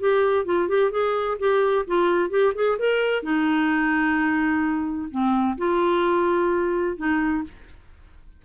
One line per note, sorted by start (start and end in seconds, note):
0.00 0.46 G4
0.46 0.69 F4
0.69 0.92 G4
0.92 1.38 G#4
1.39 1.86 G4
1.87 2.30 F4
2.30 2.53 G4
2.55 2.79 G#4
2.79 3.23 A#4
3.23 5.09 D#4
5.11 5.58 C4
5.58 6.97 F4
6.97 7.44 D#4